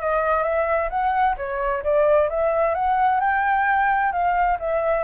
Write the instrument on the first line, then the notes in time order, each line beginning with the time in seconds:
flute
0.00 D#5
0.43 E5
0.90 F#5
1.37 C#5
1.83 D5
2.29 E5
2.75 F#5
3.20 G5
4.12 F5
4.59 E5